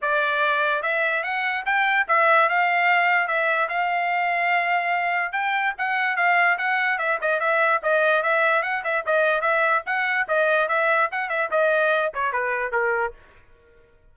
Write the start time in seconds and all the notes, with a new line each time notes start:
0.01 D5
0.82 E5
1.23 F#5
1.65 G5
2.08 E5
2.49 F5
3.27 E5
3.68 F5
5.32 G5
5.78 F#5
6.16 F5
6.58 F#5
6.98 E5
7.21 D#5
7.40 E5
7.82 D#5
8.22 E5
8.62 F#5
8.84 E5
9.06 D#5
9.41 E5
9.86 F#5
10.27 D#5
10.68 E5
11.11 F#5
11.29 E5
11.50 D#5
12.13 C#5
12.32 B4
12.72 A#4